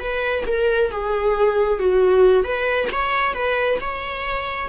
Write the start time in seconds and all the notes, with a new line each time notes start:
0.00 B4
0.47 A#4
0.92 G#4
1.79 F#4
2.44 B4
2.93 C#5
3.35 B4
3.81 C#5